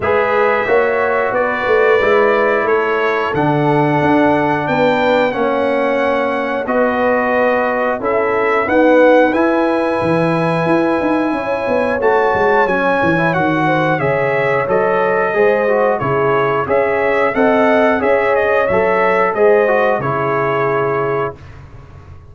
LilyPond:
<<
  \new Staff \with { instrumentName = "trumpet" } { \time 4/4 \tempo 4 = 90 e''2 d''2 | cis''4 fis''2 g''4 | fis''2 dis''2 | e''4 fis''4 gis''2~ |
gis''2 a''4 gis''4 | fis''4 e''4 dis''2 | cis''4 e''4 fis''4 e''8 dis''8 | e''4 dis''4 cis''2 | }
  \new Staff \with { instrumentName = "horn" } { \time 4/4 b'4 cis''4 b'2 | a'2. b'4 | cis''2 b'2 | a'4 b'2.~ |
b'4 cis''2.~ | cis''8 c''8 cis''2 c''4 | gis'4 cis''4 dis''4 cis''4~ | cis''4 c''4 gis'2 | }
  \new Staff \with { instrumentName = "trombone" } { \time 4/4 gis'4 fis'2 e'4~ | e'4 d'2. | cis'2 fis'2 | e'4 b4 e'2~ |
e'2 fis'4 cis'8. e'16 | fis'4 gis'4 a'4 gis'8 fis'8 | e'4 gis'4 a'4 gis'4 | a'4 gis'8 fis'8 e'2 | }
  \new Staff \with { instrumentName = "tuba" } { \time 4/4 gis4 ais4 b8 a8 gis4 | a4 d4 d'4 b4 | ais2 b2 | cis'4 dis'4 e'4 e4 |
e'8 dis'8 cis'8 b8 a8 gis8 fis8 e8 | dis4 cis4 fis4 gis4 | cis4 cis'4 c'4 cis'4 | fis4 gis4 cis2 | }
>>